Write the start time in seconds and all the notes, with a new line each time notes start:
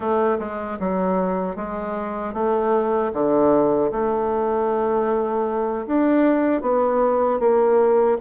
0.00 A3
0.39 G#3
0.79 F#3
1.55 G#3
2.33 A3
3.13 D3
3.91 A3
5.87 D4
6.61 B3
7.39 A#3